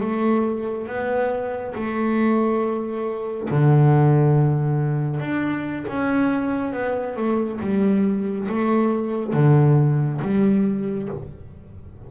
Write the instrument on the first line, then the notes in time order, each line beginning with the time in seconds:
double bass
0.00 A3
0.87 B3
1.75 A3
3.50 D3
5.20 D4
5.87 C#4
6.72 B3
7.16 A3
7.60 G3
8.48 A3
9.33 D3
10.21 G3